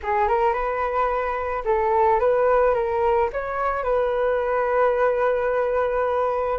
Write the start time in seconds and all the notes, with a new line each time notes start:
0.02 G#4
0.28 A#4
0.53 B4
1.64 A4
2.19 B4
2.74 A#4
3.33 C#5
3.83 B4